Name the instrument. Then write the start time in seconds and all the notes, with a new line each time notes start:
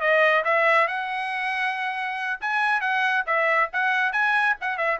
trumpet
0.00 D#5
0.44 E5
0.87 F#5
2.40 G#5
2.81 F#5
3.26 E5
3.72 F#5
4.12 G#5
4.60 F#5
4.77 E5